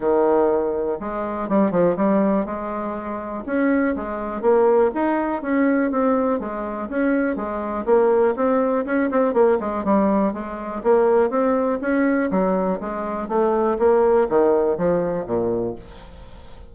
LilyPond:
\new Staff \with { instrumentName = "bassoon" } { \time 4/4 \tempo 4 = 122 dis2 gis4 g8 f8 | g4 gis2 cis'4 | gis4 ais4 dis'4 cis'4 | c'4 gis4 cis'4 gis4 |
ais4 c'4 cis'8 c'8 ais8 gis8 | g4 gis4 ais4 c'4 | cis'4 fis4 gis4 a4 | ais4 dis4 f4 ais,4 | }